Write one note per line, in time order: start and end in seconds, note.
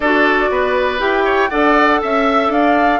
0.00 0.49 D4
0.00 0.98 F#4
0.00 0.50 A4
0.00 0.99 D5
0.50 0.99 B3
0.50 1.24 B4
0.98 1.50 E4
0.98 1.49 G4
0.98 1.50 G5
1.24 1.49 C#5
1.50 2.01 D4
1.50 3.00 A4
1.50 2.00 D5
1.50 2.01 F#5
2.01 2.48 C#4
2.01 2.52 E5
2.48 2.99 D4
2.48 3.00 D5
2.48 3.00 F5